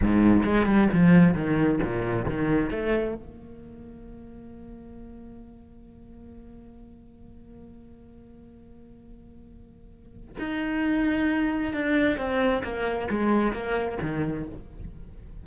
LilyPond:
\new Staff \with { instrumentName = "cello" } { \time 4/4 \tempo 4 = 133 gis,4 gis8 g8 f4 dis4 | ais,4 dis4 a4 ais4~ | ais1~ | ais1~ |
ais1~ | ais2. dis'4~ | dis'2 d'4 c'4 | ais4 gis4 ais4 dis4 | }